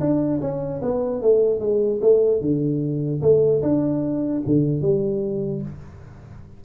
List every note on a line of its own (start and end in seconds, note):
0.00 0.40 D4
0.41 0.81 C#4
0.82 1.22 B3
1.22 1.60 A3
1.60 2.00 G#3
2.01 2.41 A3
2.41 3.21 D3
3.21 3.62 A3
3.62 4.43 D4
4.46 4.81 D3
4.81 5.62 G3